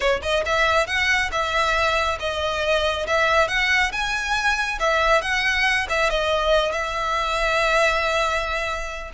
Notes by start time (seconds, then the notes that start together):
0.00 C#5
0.22 D#5
0.45 E5
0.87 F#5
1.31 E5
2.19 D#5
3.06 E5
3.48 F#5
3.92 G#5
4.79 E5
5.21 F#5
5.89 E5
6.10 D#5
6.72 E5